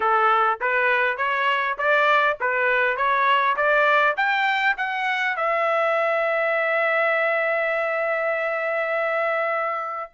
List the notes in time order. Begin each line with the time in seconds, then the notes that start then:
0.00 A4
0.60 B4
1.17 C#5
1.78 D5
2.40 B4
2.96 C#5
3.56 D5
4.16 G5
4.77 F#5
5.36 E5